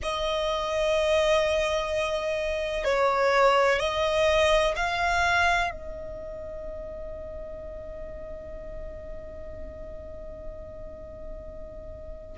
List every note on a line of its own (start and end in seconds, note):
0.02 2.84 D#5
2.84 3.79 C#5
3.79 4.74 D#5
4.76 5.70 F5
5.70 12.37 D#5